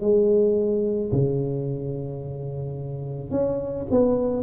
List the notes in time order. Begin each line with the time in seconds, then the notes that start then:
0.00 G#3
1.12 C#3
3.30 C#4
3.90 B3